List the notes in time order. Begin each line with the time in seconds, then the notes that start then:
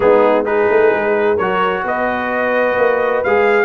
0.00 G#3 B3 D#4 G#4
0.44 D#4 G#4 B4
0.69 A3
0.92 G#3
1.35 F#3 F#4 A#4 C#5
1.84 B3 B4 D#5
2.77 A#3
3.23 G#3 G#4 F5